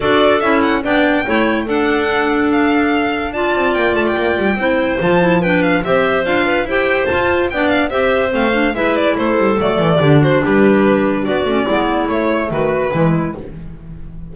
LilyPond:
<<
  \new Staff \with { instrumentName = "violin" } { \time 4/4 \tempo 4 = 144 d''4 e''8 fis''8 g''2 | fis''2 f''2 | a''4 g''8 a''16 g''2~ g''16 | a''4 g''8 f''8 e''4 f''4 |
g''4 a''4 g''8 f''8 e''4 | f''4 e''8 d''8 c''4 d''4~ | d''8 c''8 b'2 d''4~ | d''4 cis''4 b'2 | }
  \new Staff \with { instrumentName = "clarinet" } { \time 4/4 a'2 d''4 cis''4 | a'1 | d''2. c''4~ | c''4 b'4 c''4. b'8 |
c''2 d''4 c''4~ | c''4 b'4 a'2 | g'8 fis'8 g'2 fis'4 | e'2 fis'4 e'4 | }
  \new Staff \with { instrumentName = "clarinet" } { \time 4/4 fis'4 e'4 d'4 e'4 | d'1 | f'2. e'4 | f'8 e'8 d'4 g'4 f'4 |
g'4 f'4 d'4 g'4 | c'8 d'8 e'2 a4 | d'2.~ d'8 cis'8 | b4 a2 gis4 | }
  \new Staff \with { instrumentName = "double bass" } { \time 4/4 d'4 cis'4 b4 a4 | d'1~ | d'8 c'8 ais8 a8 ais8 g8 c'4 | f2 c'4 d'4 |
e'4 f'4 b4 c'4 | a4 gis4 a8 g8 fis8 e8 | d4 g2 b8 a8 | gis4 a4 dis4 e4 | }
>>